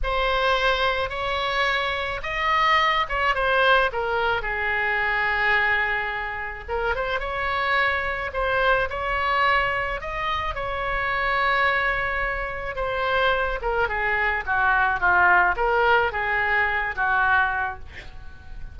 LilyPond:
\new Staff \with { instrumentName = "oboe" } { \time 4/4 \tempo 4 = 108 c''2 cis''2 | dis''4. cis''8 c''4 ais'4 | gis'1 | ais'8 c''8 cis''2 c''4 |
cis''2 dis''4 cis''4~ | cis''2. c''4~ | c''8 ais'8 gis'4 fis'4 f'4 | ais'4 gis'4. fis'4. | }